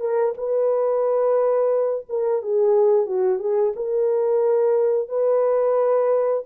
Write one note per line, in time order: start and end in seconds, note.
0.00 0.34 A#4
0.37 2.06 B4
2.09 2.42 A#4
2.42 3.06 G#4
3.06 3.39 F#4
3.39 3.73 G#4
3.76 5.08 A#4
5.08 6.43 B4